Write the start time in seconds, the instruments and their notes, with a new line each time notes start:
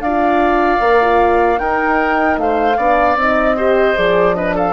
0.00 bassoon D4, oboe D5, flute F5
0.06 horn F4
0.80 bassoon A#3, horn A#4
1.02 horn F4
1.57 horn D#4, bassoon D#4, oboe A#4, flute G5
2.38 bassoon A3, oboe C5, flute F5
2.77 bassoon B3, horn D4, oboe D5
3.16 bassoon C4, horn D#4, flute D#5
3.57 horn G4, oboe C5
3.96 bassoon F3, horn G#4, flute D5
4.35 horn D4, oboe B4, flute D#5
4.55 oboe A4, flute F5